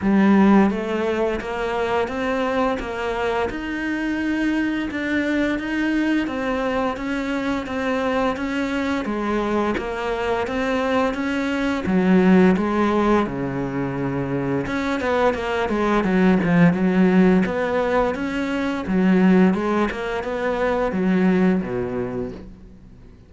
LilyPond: \new Staff \with { instrumentName = "cello" } { \time 4/4 \tempo 4 = 86 g4 a4 ais4 c'4 | ais4 dis'2 d'4 | dis'4 c'4 cis'4 c'4 | cis'4 gis4 ais4 c'4 |
cis'4 fis4 gis4 cis4~ | cis4 cis'8 b8 ais8 gis8 fis8 f8 | fis4 b4 cis'4 fis4 | gis8 ais8 b4 fis4 b,4 | }